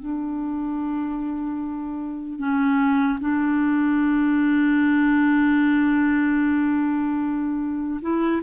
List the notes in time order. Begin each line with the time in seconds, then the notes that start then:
0.00 D4
2.39 C#4
3.21 D4
8.02 E4